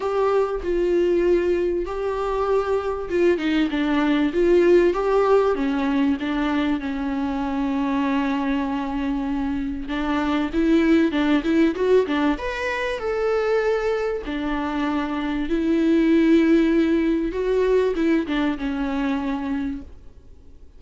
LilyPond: \new Staff \with { instrumentName = "viola" } { \time 4/4 \tempo 4 = 97 g'4 f'2 g'4~ | g'4 f'8 dis'8 d'4 f'4 | g'4 cis'4 d'4 cis'4~ | cis'1 |
d'4 e'4 d'8 e'8 fis'8 d'8 | b'4 a'2 d'4~ | d'4 e'2. | fis'4 e'8 d'8 cis'2 | }